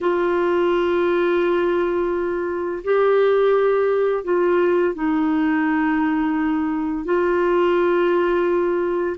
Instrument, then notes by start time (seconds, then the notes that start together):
clarinet
0.00 F4
2.84 G4
4.24 F4
4.94 D#4
7.04 F4